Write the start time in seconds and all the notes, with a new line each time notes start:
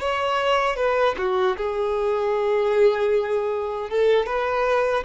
0.00 C#5
0.77 B4
1.18 F#4
1.57 G#4
3.90 A4
4.26 B4